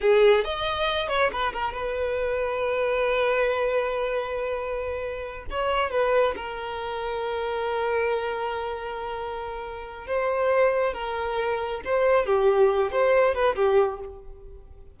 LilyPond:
\new Staff \with { instrumentName = "violin" } { \time 4/4 \tempo 4 = 137 gis'4 dis''4. cis''8 b'8 ais'8 | b'1~ | b'1~ | b'8 cis''4 b'4 ais'4.~ |
ais'1~ | ais'2. c''4~ | c''4 ais'2 c''4 | g'4. c''4 b'8 g'4 | }